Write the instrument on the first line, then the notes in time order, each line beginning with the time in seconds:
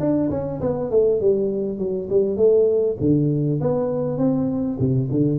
tuba
0.00 D4
0.31 C#4
0.61 B3
0.91 A3
1.21 G3
1.78 F#3
2.10 G3
2.37 A3
3.01 D3
3.61 B3
4.18 C4
4.80 C3
5.11 D3